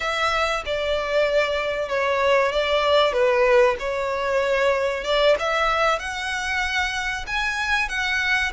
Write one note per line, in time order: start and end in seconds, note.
0.00 0.63 E5
0.65 1.88 D5
1.88 2.51 C#5
2.51 3.12 D5
3.12 3.76 B4
3.79 5.04 C#5
5.04 5.35 D5
5.39 5.99 E5
5.99 7.25 F#5
7.27 7.88 G#5
7.88 8.51 F#5